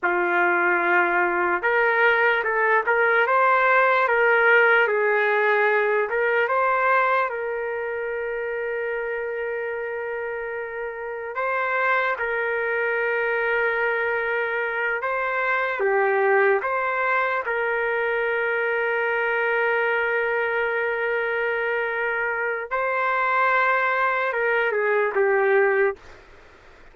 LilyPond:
\new Staff \with { instrumentName = "trumpet" } { \time 4/4 \tempo 4 = 74 f'2 ais'4 a'8 ais'8 | c''4 ais'4 gis'4. ais'8 | c''4 ais'2.~ | ais'2 c''4 ais'4~ |
ais'2~ ais'8 c''4 g'8~ | g'8 c''4 ais'2~ ais'8~ | ais'1 | c''2 ais'8 gis'8 g'4 | }